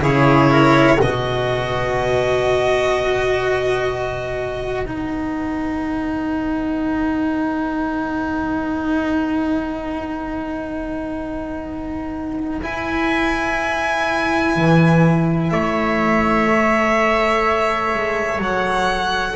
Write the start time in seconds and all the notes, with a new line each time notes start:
0.00 C#3 E4 G#4 C#5
0.51 A#4
0.98 B2 F#4 B4 D#5
4.85 B3 D#4 F#5
12.62 E4 G#5
14.56 E3
15.50 A3 C#5 E5
16.46 A4
17.94 G#3
18.38 F#3 F#5